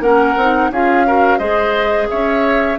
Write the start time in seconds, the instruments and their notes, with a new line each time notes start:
0.00 bassoon A#3, clarinet C#4, oboe A#4, flute F#5
0.36 bassoon C4, clarinet D#4
0.71 bassoon C#4, clarinet F4, oboe G#4, flute F5
1.07 clarinet F#4, oboe A#4
1.38 bassoon G#3, clarinet G#4, oboe C5, flute D#5
2.09 bassoon C#4, oboe C#5, flute E5